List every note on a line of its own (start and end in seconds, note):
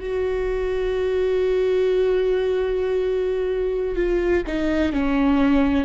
0.00 3.96 F#4
3.96 4.43 F4
4.47 4.92 D#4
4.92 5.85 C#4